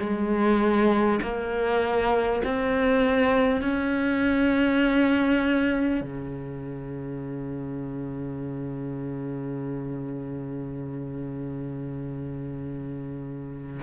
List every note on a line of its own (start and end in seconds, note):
0.00 1.20 G#3
1.22 2.42 A#3
2.44 3.62 C4
3.62 6.02 C#4
6.02 13.82 C#3